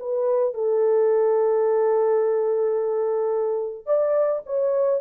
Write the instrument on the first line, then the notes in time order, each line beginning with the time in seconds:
horn
0.00 B4
0.54 A4
3.86 D5
4.46 C#5